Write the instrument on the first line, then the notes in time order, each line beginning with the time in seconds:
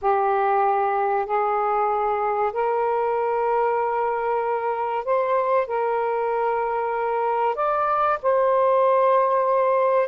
saxophone
0.01 G4
1.25 G#4
2.52 A#4
5.04 C5
5.67 A#4
7.55 D5
8.22 C5